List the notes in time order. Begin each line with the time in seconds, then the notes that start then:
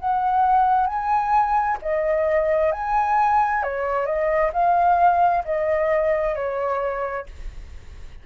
0.00 F#5
0.87 G#5
1.82 D#5
2.72 G#5
3.63 C#5
4.06 D#5
4.53 F5
5.45 D#5
6.36 C#5